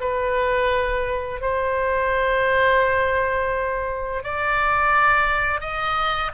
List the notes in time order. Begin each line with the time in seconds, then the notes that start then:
0.00 B4
1.41 C5
4.23 D5
5.61 D#5